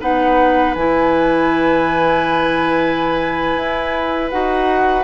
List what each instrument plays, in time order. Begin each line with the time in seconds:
0.00 bassoon B3, clarinet D#4, oboe B4, flute F#5
0.75 bassoon E3, clarinet E4, flute G#5
3.56 bassoon E4
4.29 bassoon D#4, clarinet F#4, flute F#5